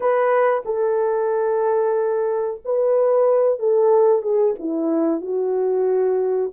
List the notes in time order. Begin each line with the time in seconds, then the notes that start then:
0.00 B4
0.65 A4
2.64 B4
3.59 A4
4.22 G#4
4.59 E4
5.21 F#4